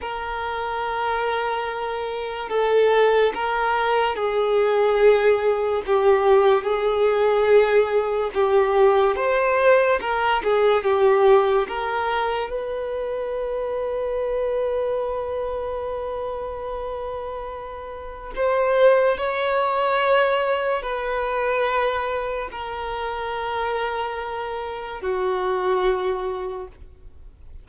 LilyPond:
\new Staff \with { instrumentName = "violin" } { \time 4/4 \tempo 4 = 72 ais'2. a'4 | ais'4 gis'2 g'4 | gis'2 g'4 c''4 | ais'8 gis'8 g'4 ais'4 b'4~ |
b'1~ | b'2 c''4 cis''4~ | cis''4 b'2 ais'4~ | ais'2 fis'2 | }